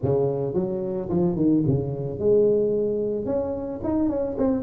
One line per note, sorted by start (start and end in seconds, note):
0.02 0.54 C#3
0.54 1.08 F#3
1.09 1.36 F3
1.36 1.63 D#3
1.66 2.19 C#3
2.19 3.25 G#3
3.25 3.80 C#4
3.83 4.09 D#4
4.09 4.36 C#4
4.38 4.63 C4